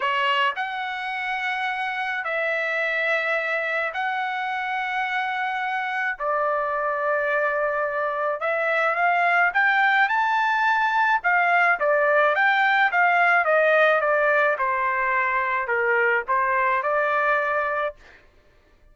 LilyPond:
\new Staff \with { instrumentName = "trumpet" } { \time 4/4 \tempo 4 = 107 cis''4 fis''2. | e''2. fis''4~ | fis''2. d''4~ | d''2. e''4 |
f''4 g''4 a''2 | f''4 d''4 g''4 f''4 | dis''4 d''4 c''2 | ais'4 c''4 d''2 | }